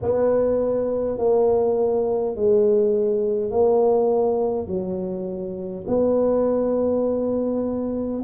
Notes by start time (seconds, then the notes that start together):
0.02 B3
1.18 A#3
2.35 G#3
3.50 A#3
4.67 F#3
5.87 B3